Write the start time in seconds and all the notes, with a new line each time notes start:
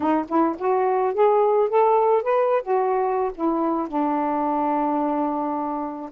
0.00 D#4
0.28 E4
0.58 F#4
1.13 G#4
1.69 A4
2.22 B4
2.62 F#4
3.34 E4
3.88 D4